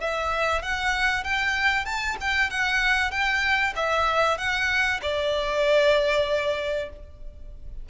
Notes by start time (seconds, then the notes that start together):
0.00 E5
0.62 F#5
1.24 G5
1.85 A5
2.20 G5
2.50 F#5
3.11 G5
3.76 E5
4.38 F#5
5.01 D5